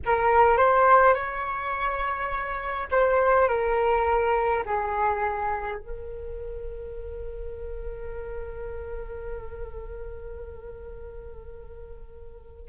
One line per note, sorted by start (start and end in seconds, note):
0.05 0.57 A#4
0.57 1.14 C5
1.14 2.87 C#5
2.91 3.48 C5
3.48 4.64 A#4
4.65 5.77 G#4
5.77 12.69 A#4